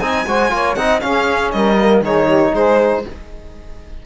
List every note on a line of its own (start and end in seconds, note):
0.00 0.26 C4
0.00 0.27 D#4
0.00 0.27 D#5
0.00 0.75 G#5
0.27 0.52 G#3
0.27 0.50 F#4
0.27 0.53 C5
0.50 0.77 A#3
0.50 0.76 F4
0.50 0.78 C#5
0.75 1.02 C4
0.75 1.01 D#4
0.75 1.03 D#5
0.75 1.00 F#5
1.01 1.77 C#4
1.01 1.54 C#4
1.01 1.54 G#4
1.01 1.51 F5
1.52 2.01 G3
1.52 2.04 A#4
1.52 2.02 D#5
1.79 2.04 A#3
2.01 2.52 D#3
2.01 3.05 D#4
2.01 2.25 G#4
2.01 2.55 C#5
2.25 2.51 G4
2.53 3.05 G#3
2.53 3.04 G#4
2.53 3.06 C5